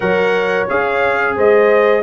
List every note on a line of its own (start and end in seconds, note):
0.00 0.69 F#3
0.00 0.67 A#4
0.00 1.34 C#5
0.00 0.67 F#5
0.68 1.37 C#4
0.68 2.02 G#4
0.68 1.37 F5
1.35 2.02 G#3
1.35 2.02 C5
1.35 2.02 D#5